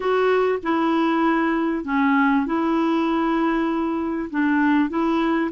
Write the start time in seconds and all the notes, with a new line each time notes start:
0.00 F#4
0.62 E4
1.84 C#4
2.45 E4
4.30 D4
4.89 E4